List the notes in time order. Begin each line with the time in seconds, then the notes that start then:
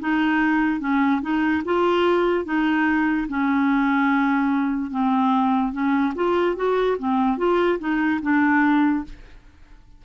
0.00 D#4
0.80 C#4
1.22 D#4
1.65 F4
2.45 D#4
3.28 C#4
4.91 C4
5.72 C#4
6.15 F4
6.56 F#4
6.99 C4
7.38 F4
7.79 D#4
8.22 D4